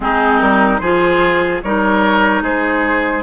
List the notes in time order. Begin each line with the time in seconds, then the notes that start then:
0.00 G#3 C4 D#4 G#4
0.39 G3 A#4
0.79 F3 F4 G#4 C5
1.62 G3 D#4 A#4 C#5
2.42 G#3 G#4 C5